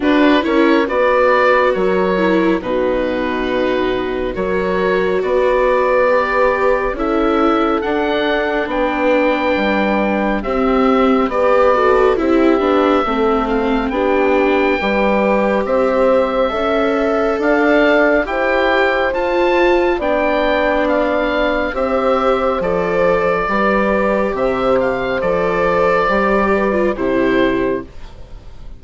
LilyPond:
<<
  \new Staff \with { instrumentName = "oboe" } { \time 4/4 \tempo 4 = 69 b'8 cis''8 d''4 cis''4 b'4~ | b'4 cis''4 d''2 | e''4 fis''4 g''2 | e''4 d''4 e''4. f''8 |
g''2 e''2 | f''4 g''4 a''4 g''4 | f''4 e''4 d''2 | e''8 f''8 d''2 c''4 | }
  \new Staff \with { instrumentName = "horn" } { \time 4/4 fis'8 ais'8 b'4 ais'4 fis'4~ | fis'4 ais'4 b'2 | a'2 b'2 | g'4 b'8 a'8 g'4 a'4 |
g'4 b'4 c''4 e''4 | d''4 c''2 d''4~ | d''4 c''2 b'4 | c''2~ c''8 b'8 g'4 | }
  \new Staff \with { instrumentName = "viola" } { \time 4/4 d'8 e'8 fis'4. e'8 dis'4~ | dis'4 fis'2 g'4 | e'4 d'2. | c'4 g'8 fis'8 e'8 d'8 c'4 |
d'4 g'2 a'4~ | a'4 g'4 f'4 d'4~ | d'4 g'4 a'4 g'4~ | g'4 a'4 g'8. f'16 e'4 | }
  \new Staff \with { instrumentName = "bassoon" } { \time 4/4 d'8 cis'8 b4 fis4 b,4~ | b,4 fis4 b2 | cis'4 d'4 b4 g4 | c'4 b4 c'8 b8 a4 |
b4 g4 c'4 cis'4 | d'4 e'4 f'4 b4~ | b4 c'4 f4 g4 | c4 f4 g4 c4 | }
>>